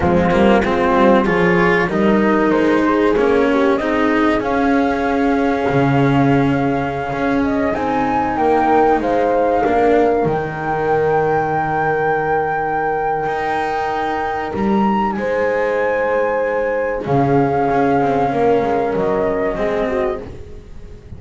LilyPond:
<<
  \new Staff \with { instrumentName = "flute" } { \time 4/4 \tempo 4 = 95 f'4 c''4 cis''4 dis''4 | c''4 cis''4 dis''4 f''4~ | f''2.~ f''8. dis''16~ | dis''16 gis''4 g''4 f''4.~ f''16~ |
f''16 g''2.~ g''8.~ | g''2. ais''4 | gis''2. f''4~ | f''2 dis''2 | }
  \new Staff \with { instrumentName = "horn" } { \time 4/4 c'4 f'4 gis'4 ais'4~ | ais'8 gis'4 g'8 gis'2~ | gis'1~ | gis'4~ gis'16 ais'4 c''4 ais'8.~ |
ais'1~ | ais'1 | c''2. gis'4~ | gis'4 ais'2 gis'8 fis'8 | }
  \new Staff \with { instrumentName = "cello" } { \time 4/4 gis8 ais8 c'4 f'4 dis'4~ | dis'4 cis'4 dis'4 cis'4~ | cis'1~ | cis'16 dis'2. d'8.~ |
d'16 dis'2.~ dis'8.~ | dis'1~ | dis'2. cis'4~ | cis'2. c'4 | }
  \new Staff \with { instrumentName = "double bass" } { \time 4/4 f8 g8 gis8 g8 f4 g4 | gis4 ais4 c'4 cis'4~ | cis'4 cis2~ cis16 cis'8.~ | cis'16 c'4 ais4 gis4 ais8.~ |
ais16 dis2.~ dis8.~ | dis4 dis'2 g4 | gis2. cis4 | cis'8 c'8 ais8 gis8 fis4 gis4 | }
>>